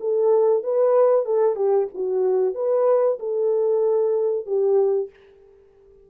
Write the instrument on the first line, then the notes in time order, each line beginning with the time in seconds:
horn
0.00 A4
0.63 B4
1.25 A4
1.56 G4
1.94 F#4
2.54 B4
3.19 A4
4.46 G4